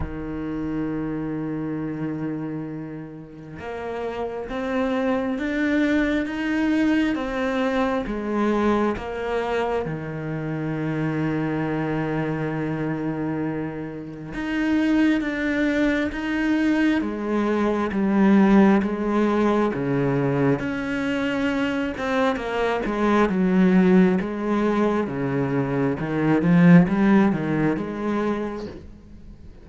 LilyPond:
\new Staff \with { instrumentName = "cello" } { \time 4/4 \tempo 4 = 67 dis1 | ais4 c'4 d'4 dis'4 | c'4 gis4 ais4 dis4~ | dis1 |
dis'4 d'4 dis'4 gis4 | g4 gis4 cis4 cis'4~ | cis'8 c'8 ais8 gis8 fis4 gis4 | cis4 dis8 f8 g8 dis8 gis4 | }